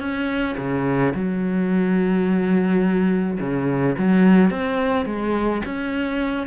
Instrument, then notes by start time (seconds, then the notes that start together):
cello
0.00 C#4
0.58 C#3
1.15 F#3
3.40 C#3
3.98 F#3
4.51 C4
5.06 G#3
5.65 C#4